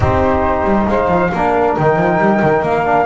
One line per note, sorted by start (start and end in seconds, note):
0.00 0.64 C4
0.00 1.30 D#4
0.00 0.87 G4
0.00 0.87 C5
0.64 0.86 G3
0.87 1.07 G#3
0.87 1.31 C5
0.87 1.75 F5
1.07 1.29 F3
1.31 1.77 A#3
1.31 1.79 D4
1.31 3.06 A#4
1.76 1.96 D#3
1.76 2.84 D#4
1.76 2.64 G5
1.96 2.18 F3
2.18 2.40 G3
2.42 2.61 D#3
2.61 3.05 A#3
2.61 3.06 F5
2.84 3.06 D4